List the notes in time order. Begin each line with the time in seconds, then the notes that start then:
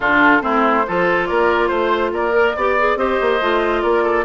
0.00 D3 D4 F4 A4
0.41 A3 C4 E4 C5
0.87 F3 F4 A4
1.26 A#3 A#4 D5
1.67 A3 C5
2.12 A#3 A#4 D5
2.32 A#4
2.55 B3 G4 D5
2.78 G#4
2.95 C4 G4 C5 D#5
3.20 A#3
3.40 A3 F4
3.82 A#3 A#4 D5
4.03 A4